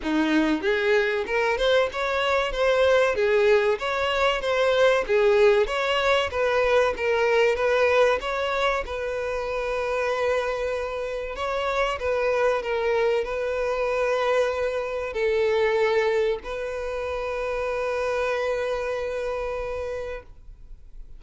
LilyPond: \new Staff \with { instrumentName = "violin" } { \time 4/4 \tempo 4 = 95 dis'4 gis'4 ais'8 c''8 cis''4 | c''4 gis'4 cis''4 c''4 | gis'4 cis''4 b'4 ais'4 | b'4 cis''4 b'2~ |
b'2 cis''4 b'4 | ais'4 b'2. | a'2 b'2~ | b'1 | }